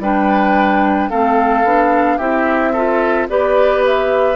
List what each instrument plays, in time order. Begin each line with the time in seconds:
0.00 bassoon G3, clarinet D4, oboe B4, flute G5
1.10 bassoon A3, clarinet C4, oboe A4, flute F5
1.64 bassoon B3, clarinet D4
2.18 bassoon C4, clarinet E4, oboe G4, flute E5
2.73 clarinet F4, oboe A4
3.29 bassoon B3, clarinet G4, oboe B4, flute D5
3.87 flute E5